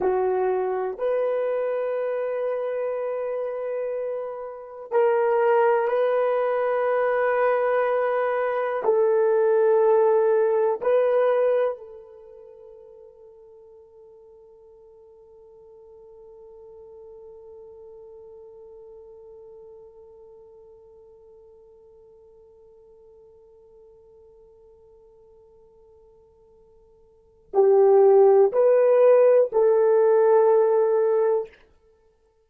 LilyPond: \new Staff \with { instrumentName = "horn" } { \time 4/4 \tempo 4 = 61 fis'4 b'2.~ | b'4 ais'4 b'2~ | b'4 a'2 b'4 | a'1~ |
a'1~ | a'1~ | a'1 | g'4 b'4 a'2 | }